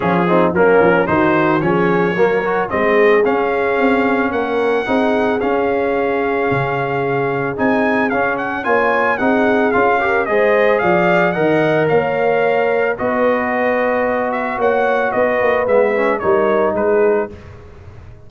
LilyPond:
<<
  \new Staff \with { instrumentName = "trumpet" } { \time 4/4 \tempo 4 = 111 gis'4 ais'4 c''4 cis''4~ | cis''4 dis''4 f''2 | fis''2 f''2~ | f''2 gis''4 f''8 fis''8 |
gis''4 fis''4 f''4 dis''4 | f''4 fis''4 f''2 | dis''2~ dis''8 e''8 fis''4 | dis''4 e''4 cis''4 b'4 | }
  \new Staff \with { instrumentName = "horn" } { \time 4/4 f'8 dis'8 cis'4 fis'4 gis'4 | ais'4 gis'2. | ais'4 gis'2.~ | gis'1 |
cis''4 gis'4. ais'8 c''4 | d''4 dis''4 cis''2 | b'2. cis''4 | b'2 ais'4 gis'4 | }
  \new Staff \with { instrumentName = "trombone" } { \time 4/4 cis'8 c'8 ais4 dis'4 cis'4 | ais8 fis'8 c'4 cis'2~ | cis'4 dis'4 cis'2~ | cis'2 dis'4 cis'4 |
f'4 dis'4 f'8 g'8 gis'4~ | gis'4 ais'2. | fis'1~ | fis'4 b8 cis'8 dis'2 | }
  \new Staff \with { instrumentName = "tuba" } { \time 4/4 f4 fis8 f8 dis4 f4 | fis4 gis4 cis'4 c'4 | ais4 c'4 cis'2 | cis2 c'4 cis'4 |
ais4 c'4 cis'4 gis4 | f4 dis4 ais2 | b2. ais4 | b8 ais8 gis4 g4 gis4 | }
>>